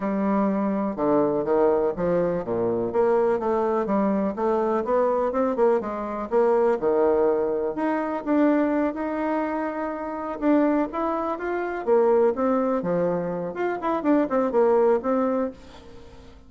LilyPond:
\new Staff \with { instrumentName = "bassoon" } { \time 4/4 \tempo 4 = 124 g2 d4 dis4 | f4 ais,4 ais4 a4 | g4 a4 b4 c'8 ais8 | gis4 ais4 dis2 |
dis'4 d'4. dis'4.~ | dis'4. d'4 e'4 f'8~ | f'8 ais4 c'4 f4. | f'8 e'8 d'8 c'8 ais4 c'4 | }